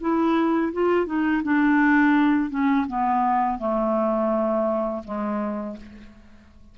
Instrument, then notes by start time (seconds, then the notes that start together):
clarinet
0.00 E4
0.73 F4
1.06 D#4
1.43 D4
2.50 C#4
2.87 B3
3.58 A3
5.04 G#3